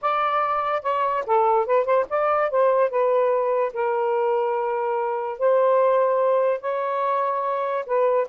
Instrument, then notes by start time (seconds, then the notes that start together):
saxophone
0.01 D5
0.82 C#5
1.26 A4
1.66 B4
1.85 C5
2.09 D5
2.50 C5
2.90 B4
3.73 A#4
5.38 C5
6.60 C#5
7.86 B4